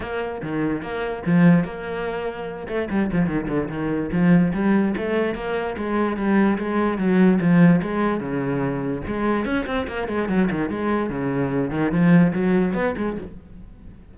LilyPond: \new Staff \with { instrumentName = "cello" } { \time 4/4 \tempo 4 = 146 ais4 dis4 ais4 f4 | ais2~ ais8 a8 g8 f8 | dis8 d8 dis4 f4 g4 | a4 ais4 gis4 g4 |
gis4 fis4 f4 gis4 | cis2 gis4 cis'8 c'8 | ais8 gis8 fis8 dis8 gis4 cis4~ | cis8 dis8 f4 fis4 b8 gis8 | }